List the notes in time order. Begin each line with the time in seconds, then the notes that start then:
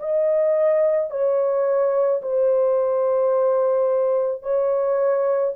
0.00 D#5
1.11 C#5
2.22 C5
4.42 C#5